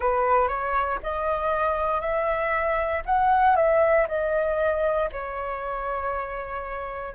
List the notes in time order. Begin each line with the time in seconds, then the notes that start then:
0.00 B4
0.48 C#5
1.03 D#5
2.00 E5
3.05 F#5
3.55 E5
4.07 D#5
5.11 C#5